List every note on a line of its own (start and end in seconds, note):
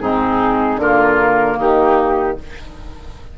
0.00 0.76 G#2
0.00 0.80 C4
0.00 0.81 D#4
0.00 0.79 G#4
0.76 1.55 D3
0.76 2.38 A#3
0.76 1.58 F4
0.76 1.59 A#4
1.58 2.38 D#3
1.58 2.37 D#4
1.58 2.39 G4